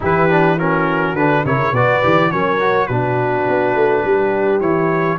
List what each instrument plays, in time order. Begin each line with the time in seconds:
0.00 tuba E3, trombone E4, horn G4, trumpet B4
0.29 trombone D4
0.58 trombone C#4, horn F#4, trumpet A#4
1.14 tuba D3, trombone D4, trumpet B4
1.44 tuba C#3, trombone E4, horn A#4, trumpet C#5
1.72 tuba B2, trombone F#4, horn B4, trumpet D5
2.02 tuba E3, trombone G4
2.31 tuba F#3, trombone C#4, horn A#4, trumpet C#5
2.60 trombone F#4
2.87 tuba B2, trombone D4, horn F#4, trumpet B4
3.47 tuba B3
3.74 tuba A3
4.03 tuba G3, horn G4
4.60 tuba E3, trombone E4, trumpet C#5